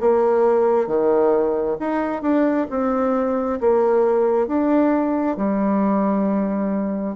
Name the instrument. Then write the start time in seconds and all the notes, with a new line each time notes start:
bassoon
0.00 A#3
0.87 D#3
1.80 D#4
2.22 D4
2.70 C4
3.61 A#3
4.47 D4
5.37 G3